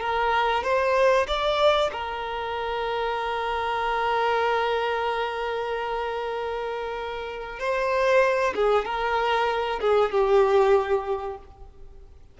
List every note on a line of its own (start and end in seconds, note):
0.00 0.63 A#4
0.63 1.26 C5
1.27 1.90 D5
1.92 7.59 A#4
7.59 8.54 C5
8.55 8.85 G#4
8.85 9.80 A#4
9.80 10.11 G#4
10.11 11.37 G4